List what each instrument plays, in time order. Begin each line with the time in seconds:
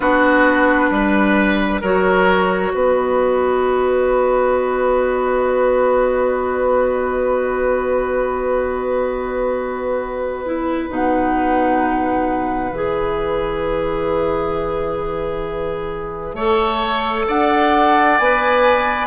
0.00 bassoon B3, clarinet D4, oboe F#4, flute B4
0.90 bassoon G3, oboe B4
1.81 bassoon F#3, clarinet F#4, oboe A#4, flute C#5
2.72 bassoon B3, oboe B4, flute D#5
10.45 clarinet E4
10.88 bassoon B2, clarinet D#4, flute F#5
12.71 bassoon E3, clarinet G#4, flute E5
16.33 bassoon A3, clarinet A4, oboe C#5
17.27 bassoon D4, oboe D5, flute F#5
18.18 bassoon B3, clarinet B4, flute G#5